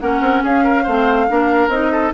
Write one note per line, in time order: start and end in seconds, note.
0.00 0.20 A#3
0.00 0.86 C#4
0.00 0.43 A#4
0.00 0.43 F#5
0.20 0.42 C4
0.43 0.87 C#4
0.43 0.63 G#4
0.43 1.69 F5
0.63 0.83 A#4
0.83 1.29 A3
0.83 1.28 C4
0.83 1.26 C5
1.28 1.68 A#3
1.28 1.71 D4
1.28 1.91 A#4
1.68 2.11 C4
1.68 2.14 D#4
1.68 2.12 D#5
1.91 2.13 A4